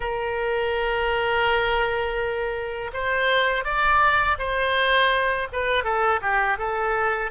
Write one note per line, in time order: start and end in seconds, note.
0.00 2.91 A#4
2.93 3.64 C5
3.64 4.37 D5
4.38 5.47 C5
5.52 5.84 B4
5.84 6.20 A4
6.21 6.58 G4
6.58 7.31 A4